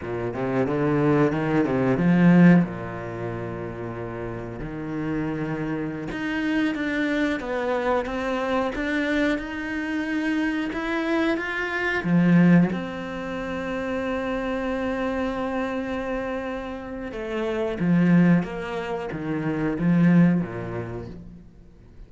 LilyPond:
\new Staff \with { instrumentName = "cello" } { \time 4/4 \tempo 4 = 91 ais,8 c8 d4 dis8 c8 f4 | ais,2. dis4~ | dis4~ dis16 dis'4 d'4 b8.~ | b16 c'4 d'4 dis'4.~ dis'16~ |
dis'16 e'4 f'4 f4 c'8.~ | c'1~ | c'2 a4 f4 | ais4 dis4 f4 ais,4 | }